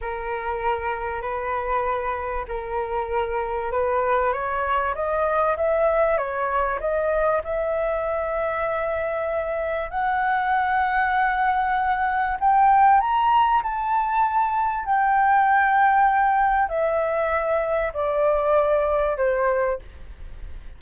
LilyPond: \new Staff \with { instrumentName = "flute" } { \time 4/4 \tempo 4 = 97 ais'2 b'2 | ais'2 b'4 cis''4 | dis''4 e''4 cis''4 dis''4 | e''1 |
fis''1 | g''4 ais''4 a''2 | g''2. e''4~ | e''4 d''2 c''4 | }